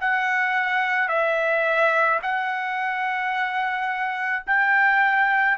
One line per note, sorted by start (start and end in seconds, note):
0.00 1.08 F#5
1.08 2.19 E5
2.22 4.44 F#5
4.46 5.57 G5